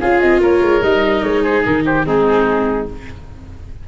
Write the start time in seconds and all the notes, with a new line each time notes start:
0.00 C#4 F4 G#4 F5
0.20 C4 D#5
0.41 A#3 A#4 C#5
0.61 G#3
0.81 G3 D#4 D#5
1.23 G#3 C#5
1.43 G#4 C5
1.64 D#3 A#4
1.85 G4 C5
2.04 G#3 C4 D#4 G#4